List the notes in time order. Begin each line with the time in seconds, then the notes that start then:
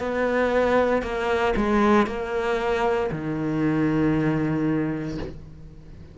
0.00 B3
1.03 A#3
1.57 G#3
2.07 A#3
3.12 D#3